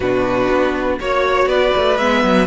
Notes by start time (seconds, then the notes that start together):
0.00 B2 D4 F#4 B4
0.50 B3
0.99 A#3 F#4 C#5
1.46 B3 B4 D5
1.76 A3
1.97 G#3 B3 E5
2.23 F#3